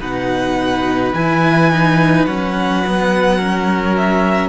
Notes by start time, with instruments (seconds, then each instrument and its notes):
0.00 cello B2 D#4, violin B4 F#5
1.13 cello E3 E4, violin G#5
1.72 cello D#4
2.26 cello F#3 C#4, violin F#5
2.87 cello B3
3.37 cello C#4, violin A#4
3.97 violin E5